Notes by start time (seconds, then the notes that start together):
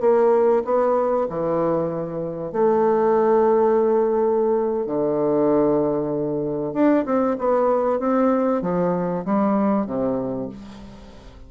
0.00 A#3
0.64 B3
1.29 E3
2.52 A3
4.86 D3
6.73 D4
7.05 C4
7.38 B3
7.99 C4
8.62 F3
9.25 G3
9.86 C3